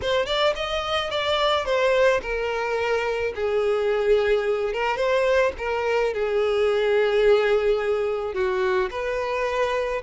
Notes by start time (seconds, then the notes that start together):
0.01 C5
0.26 D5
0.55 D#5
1.10 D5
1.65 C5
2.22 A#4
3.35 G#4
4.73 A#4
4.96 C5
5.58 A#4
6.13 G#4
8.34 F#4
8.90 B4